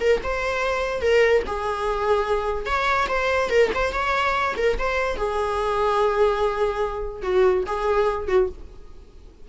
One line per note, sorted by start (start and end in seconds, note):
0.00 0.21 A#4
0.23 1.01 C5
1.01 1.43 A#4
1.47 2.65 G#4
2.65 3.07 C#5
3.08 3.50 C5
3.50 3.70 A#4
3.74 3.92 C5
3.92 4.54 C#5
4.57 4.77 A#4
4.78 5.16 C5
5.16 7.22 G#4
7.22 7.63 F#4
7.66 8.28 G#4
8.28 8.48 F#4